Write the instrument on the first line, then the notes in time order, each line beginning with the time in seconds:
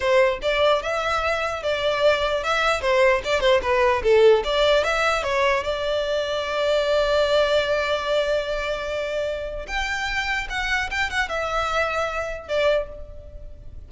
violin
0.00 C5
0.42 D5
0.82 E5
1.63 D5
2.43 E5
2.81 C5
3.24 D5
3.40 C5
3.62 B4
4.03 A4
4.44 D5
4.84 E5
5.23 C#5
5.63 D5
9.67 G5
10.49 F#5
10.90 G5
11.10 F#5
11.28 E5
12.48 D5